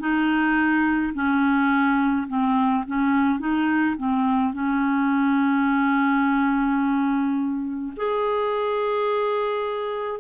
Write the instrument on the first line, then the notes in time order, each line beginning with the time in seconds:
clarinet
0.00 D#4
1.14 C#4
2.28 C4
2.87 C#4
3.40 D#4
3.97 C4
4.53 C#4
7.97 G#4